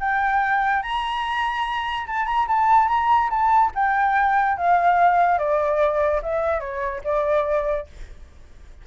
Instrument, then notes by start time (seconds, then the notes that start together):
flute
0.00 G5
0.82 A#5
2.07 A5
2.26 A#5
2.48 A5
2.88 A#5
3.30 A5
3.75 G5
4.57 F5
5.38 D5
6.22 E5
6.60 C#5
7.04 D5